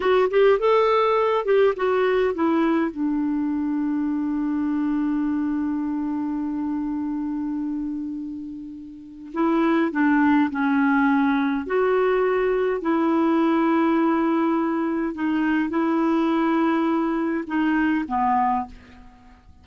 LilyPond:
\new Staff \with { instrumentName = "clarinet" } { \time 4/4 \tempo 4 = 103 fis'8 g'8 a'4. g'8 fis'4 | e'4 d'2.~ | d'1~ | d'1 |
e'4 d'4 cis'2 | fis'2 e'2~ | e'2 dis'4 e'4~ | e'2 dis'4 b4 | }